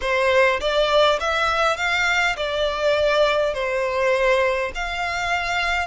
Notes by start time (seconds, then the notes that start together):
0.01 C5
0.60 D5
1.20 E5
1.76 F5
2.36 D5
3.53 C5
4.74 F5